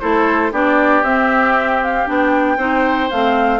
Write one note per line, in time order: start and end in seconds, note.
0.00 0.52 A3
0.00 0.52 E4
0.00 0.52 A4
0.00 0.52 C5
0.52 1.03 B3
0.52 1.04 D4
0.52 2.58 G4
0.52 1.04 D5
1.03 2.06 C4
1.03 1.81 E5
1.82 2.08 F5
2.06 2.57 B3
2.06 2.58 D4
2.06 3.11 G5
2.57 3.09 C4
2.57 3.10 D#4
2.57 3.60 C5
3.11 3.60 A3
3.11 3.60 C4
3.11 3.60 F5